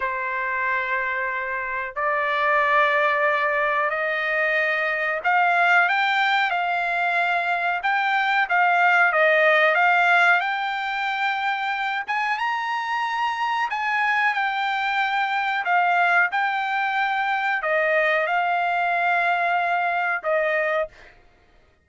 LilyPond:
\new Staff \with { instrumentName = "trumpet" } { \time 4/4 \tempo 4 = 92 c''2. d''4~ | d''2 dis''2 | f''4 g''4 f''2 | g''4 f''4 dis''4 f''4 |
g''2~ g''8 gis''8 ais''4~ | ais''4 gis''4 g''2 | f''4 g''2 dis''4 | f''2. dis''4 | }